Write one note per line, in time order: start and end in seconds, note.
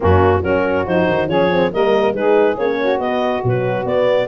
0.00 0.42 F#2
0.00 0.42 A#3
0.00 0.42 C#4
0.00 0.42 F#4
0.42 0.85 F#3
0.42 0.86 C#4
0.42 1.28 F#4
0.42 0.85 A#4
0.85 1.07 F3
0.85 1.28 D#4
0.85 1.28 C5
1.07 1.27 D#3
1.27 1.70 F3
1.27 1.50 C#4
1.27 1.71 G#4
1.27 1.71 C#5
1.50 1.71 C4
1.71 2.13 G3
1.71 2.14 A#3
1.71 2.15 A#4
1.71 2.14 D#5
2.13 2.56 G#3
2.13 2.57 D#4
2.13 2.79 G#4
2.13 2.56 B4
2.57 2.98 A#3
2.57 3.00 C#4
2.57 2.99 C#5
2.79 4.27 F#4
2.98 3.41 B3
2.98 3.43 B3
2.98 3.42 D#5
3.43 3.84 B2
3.43 3.86 F#3
3.43 3.85 B4
3.84 4.27 B3
3.84 4.27 D5